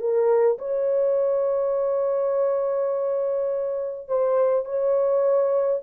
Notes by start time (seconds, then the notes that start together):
0.00 A#4
0.58 C#5
4.08 C5
4.65 C#5